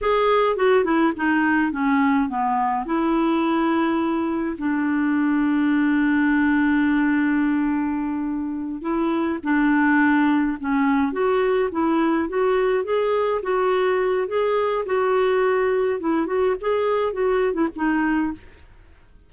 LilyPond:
\new Staff \with { instrumentName = "clarinet" } { \time 4/4 \tempo 4 = 105 gis'4 fis'8 e'8 dis'4 cis'4 | b4 e'2. | d'1~ | d'2.~ d'8 e'8~ |
e'8 d'2 cis'4 fis'8~ | fis'8 e'4 fis'4 gis'4 fis'8~ | fis'4 gis'4 fis'2 | e'8 fis'8 gis'4 fis'8. e'16 dis'4 | }